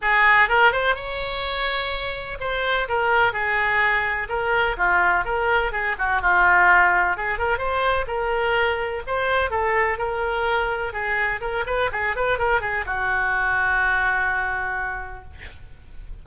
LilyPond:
\new Staff \with { instrumentName = "oboe" } { \time 4/4 \tempo 4 = 126 gis'4 ais'8 c''8 cis''2~ | cis''4 c''4 ais'4 gis'4~ | gis'4 ais'4 f'4 ais'4 | gis'8 fis'8 f'2 gis'8 ais'8 |
c''4 ais'2 c''4 | a'4 ais'2 gis'4 | ais'8 b'8 gis'8 b'8 ais'8 gis'8 fis'4~ | fis'1 | }